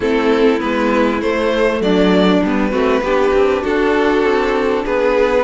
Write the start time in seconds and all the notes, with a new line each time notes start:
0.00 A3 C4 E4 A4
0.60 G#3 B3 B4
1.21 A3 C5
1.80 F#3 D4 D5
2.42 G3 B3 B4
2.71 A3 C4 F#4
3.01 B3 D4 G4
3.33 C4
3.62 D4 F#4 A4
4.23 C4
4.84 B3 G#4 B4